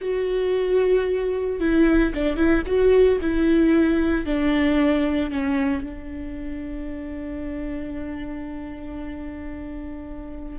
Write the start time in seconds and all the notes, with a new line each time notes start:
0.01 F#4
1.60 E4
2.14 D4
2.36 E4
2.66 F#4
3.21 E4
4.25 D4
5.30 C#4
5.83 D4